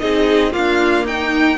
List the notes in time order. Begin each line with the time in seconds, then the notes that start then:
0.00 C4 D#4 G#4 D#5
0.52 A#3 D4 F4 F5
1.05 D#4 G5